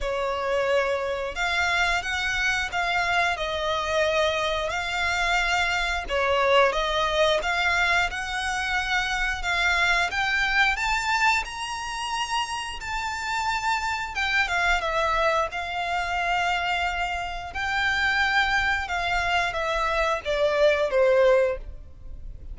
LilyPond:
\new Staff \with { instrumentName = "violin" } { \time 4/4 \tempo 4 = 89 cis''2 f''4 fis''4 | f''4 dis''2 f''4~ | f''4 cis''4 dis''4 f''4 | fis''2 f''4 g''4 |
a''4 ais''2 a''4~ | a''4 g''8 f''8 e''4 f''4~ | f''2 g''2 | f''4 e''4 d''4 c''4 | }